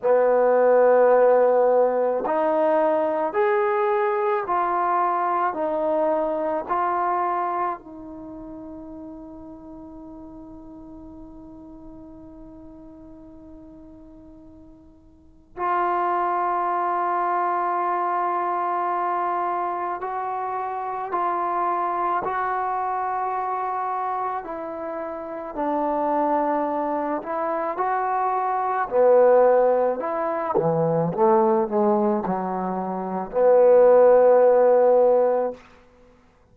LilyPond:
\new Staff \with { instrumentName = "trombone" } { \time 4/4 \tempo 4 = 54 b2 dis'4 gis'4 | f'4 dis'4 f'4 dis'4~ | dis'1~ | dis'2 f'2~ |
f'2 fis'4 f'4 | fis'2 e'4 d'4~ | d'8 e'8 fis'4 b4 e'8 e8 | a8 gis8 fis4 b2 | }